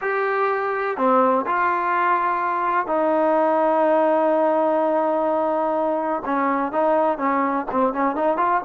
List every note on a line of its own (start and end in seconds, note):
0.01 0.97 G4
0.97 1.45 C4
1.46 2.87 F4
2.87 6.23 D#4
6.25 6.72 C#4
6.72 7.18 D#4
7.18 7.66 C#4
7.71 7.93 C4
7.93 8.15 C#4
8.15 8.37 D#4
8.37 8.61 F4